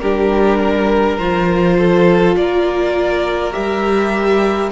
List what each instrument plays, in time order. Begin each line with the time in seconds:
0.00 cello G3, viola D4, violin G4 A#4
0.60 violin A#4
1.18 cello F3, viola F4, violin C5
1.78 violin A4
2.36 cello A#3, violin A#4 D5
3.51 cello G3, viola G4, violin E5